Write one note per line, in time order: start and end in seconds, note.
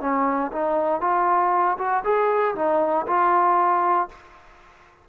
0.00 0.51 C#4
0.52 1.01 D#4
1.01 1.77 F4
1.78 2.03 F#4
2.04 2.55 G#4
2.55 3.06 D#4
3.06 4.08 F4